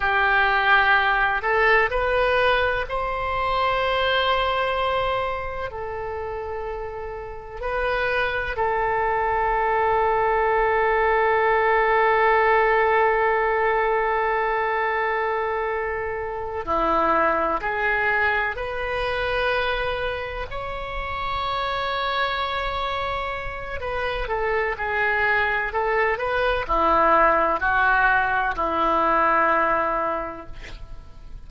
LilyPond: \new Staff \with { instrumentName = "oboe" } { \time 4/4 \tempo 4 = 63 g'4. a'8 b'4 c''4~ | c''2 a'2 | b'4 a'2.~ | a'1~ |
a'4. e'4 gis'4 b'8~ | b'4. cis''2~ cis''8~ | cis''4 b'8 a'8 gis'4 a'8 b'8 | e'4 fis'4 e'2 | }